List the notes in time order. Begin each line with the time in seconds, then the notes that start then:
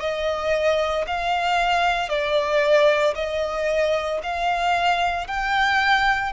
0.00 D#5
1.07 F5
2.09 D5
3.15 D#5
4.23 F5
5.28 G5